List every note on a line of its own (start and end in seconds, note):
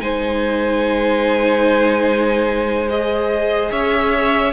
0.00 3.70 G#3
0.00 2.88 D#4
0.00 3.71 C5
0.00 2.88 G#5
2.89 4.53 G#4
2.89 3.71 D#5
3.71 4.53 C#4
3.71 4.53 C#5
3.71 4.53 E5